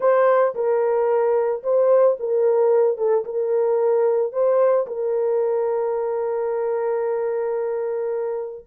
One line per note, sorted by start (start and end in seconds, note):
0.00 0.54 C5
0.54 1.62 A#4
1.63 2.17 C5
2.19 2.97 A#4
2.97 3.24 A4
3.24 4.32 A#4
4.32 4.86 C5
4.86 8.65 A#4